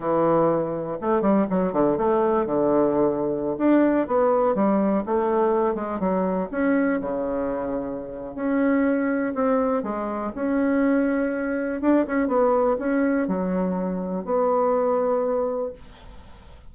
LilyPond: \new Staff \with { instrumentName = "bassoon" } { \time 4/4 \tempo 4 = 122 e2 a8 g8 fis8 d8 | a4 d2~ d16 d'8.~ | d'16 b4 g4 a4. gis16~ | gis16 fis4 cis'4 cis4.~ cis16~ |
cis4 cis'2 c'4 | gis4 cis'2. | d'8 cis'8 b4 cis'4 fis4~ | fis4 b2. | }